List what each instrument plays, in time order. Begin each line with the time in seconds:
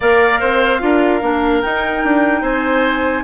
0.00 bassoon A#3, clarinet A#4, oboe D5, flute F5
0.40 bassoon C4, oboe C5
0.79 bassoon D4, clarinet F4, oboe A#4
1.21 bassoon A#3, clarinet D4
1.62 clarinet D#4, bassoon D#4, flute G5
2.04 bassoon D4
2.41 bassoon C4, oboe C5, flute G#5